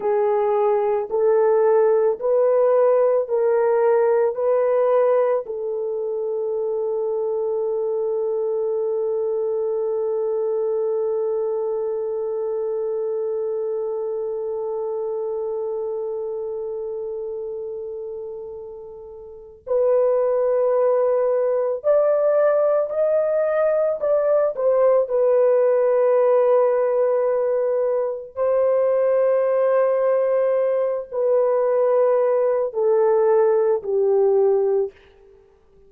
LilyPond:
\new Staff \with { instrumentName = "horn" } { \time 4/4 \tempo 4 = 55 gis'4 a'4 b'4 ais'4 | b'4 a'2.~ | a'1~ | a'1~ |
a'2 b'2 | d''4 dis''4 d''8 c''8 b'4~ | b'2 c''2~ | c''8 b'4. a'4 g'4 | }